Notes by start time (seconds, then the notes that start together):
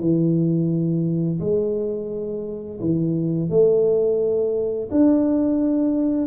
0.00 E3
1.40 G#3
2.81 E3
3.49 A3
4.91 D4